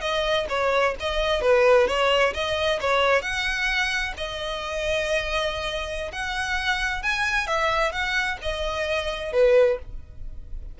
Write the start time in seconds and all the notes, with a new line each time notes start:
0.00 D#5
0.49 C#5
0.99 D#5
1.41 B4
1.87 C#5
2.33 D#5
2.80 C#5
3.21 F#5
4.16 D#5
6.12 F#5
7.02 G#5
7.46 E5
7.92 F#5
8.41 D#5
9.32 B4